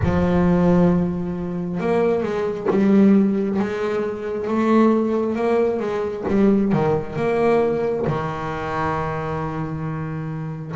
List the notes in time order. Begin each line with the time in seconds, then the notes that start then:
0.03 F3
1.80 A#3
2.22 G#3
2.69 G3
3.59 G#3
4.47 A3
5.35 A#3
5.79 G#3
6.27 G3
6.72 D#3
7.16 A#3
8.06 D#3